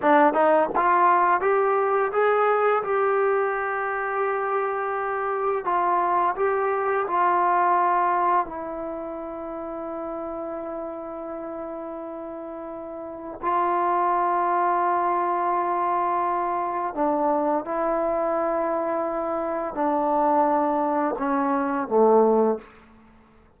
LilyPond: \new Staff \with { instrumentName = "trombone" } { \time 4/4 \tempo 4 = 85 d'8 dis'8 f'4 g'4 gis'4 | g'1 | f'4 g'4 f'2 | e'1~ |
e'2. f'4~ | f'1 | d'4 e'2. | d'2 cis'4 a4 | }